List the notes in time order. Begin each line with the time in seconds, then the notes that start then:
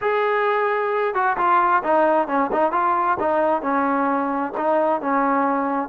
0.01 G#4
1.14 F#4
1.37 F4
1.83 D#4
2.27 C#4
2.52 D#4
2.71 F4
3.19 D#4
3.62 C#4
4.57 D#4
5.01 C#4